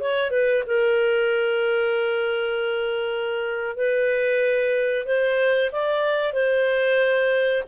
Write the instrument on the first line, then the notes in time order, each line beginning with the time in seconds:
clarinet
0.00 C#5
0.31 B4
0.67 A#4
3.76 B4
5.05 C5
5.72 D5
6.33 C5